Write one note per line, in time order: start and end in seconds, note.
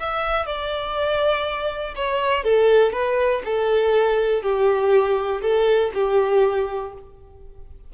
0.00 0.46 E5
0.46 1.95 D5
1.96 2.45 C#5
2.45 2.93 A4
2.93 3.42 B4
3.45 4.42 A4
4.42 5.42 G4
5.42 5.91 A4
5.94 6.94 G4